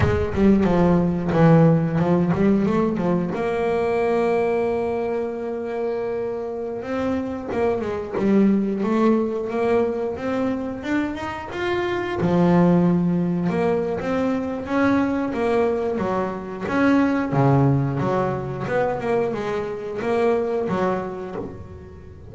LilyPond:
\new Staff \with { instrumentName = "double bass" } { \time 4/4 \tempo 4 = 90 gis8 g8 f4 e4 f8 g8 | a8 f8 ais2.~ | ais2~ ais16 c'4 ais8 gis16~ | gis16 g4 a4 ais4 c'8.~ |
c'16 d'8 dis'8 f'4 f4.~ f16~ | f16 ais8. c'4 cis'4 ais4 | fis4 cis'4 cis4 fis4 | b8 ais8 gis4 ais4 fis4 | }